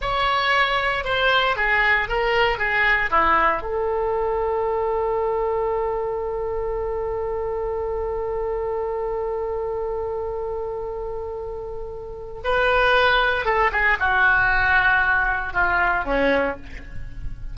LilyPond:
\new Staff \with { instrumentName = "oboe" } { \time 4/4 \tempo 4 = 116 cis''2 c''4 gis'4 | ais'4 gis'4 e'4 a'4~ | a'1~ | a'1~ |
a'1~ | a'1 | b'2 a'8 gis'8 fis'4~ | fis'2 f'4 cis'4 | }